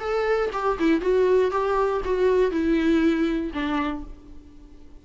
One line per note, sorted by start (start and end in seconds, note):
0.00 0.50 A4
0.53 0.78 G4
0.79 1.01 E4
1.01 1.51 F#4
1.51 2.02 G4
2.05 2.51 F#4
2.51 3.52 E4
3.54 4.04 D4